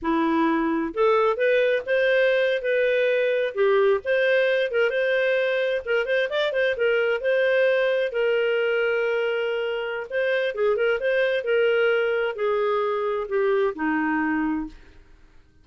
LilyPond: \new Staff \with { instrumentName = "clarinet" } { \time 4/4 \tempo 4 = 131 e'2 a'4 b'4 | c''4.~ c''16 b'2 g'16~ | g'8. c''4. ais'8 c''4~ c''16~ | c''8. ais'8 c''8 d''8 c''8 ais'4 c''16~ |
c''4.~ c''16 ais'2~ ais'16~ | ais'2 c''4 gis'8 ais'8 | c''4 ais'2 gis'4~ | gis'4 g'4 dis'2 | }